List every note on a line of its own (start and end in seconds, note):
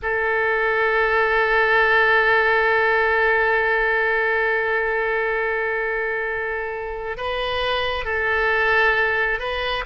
0.02 7.17 A4
7.17 8.04 B4
8.04 9.39 A4
9.39 9.84 B4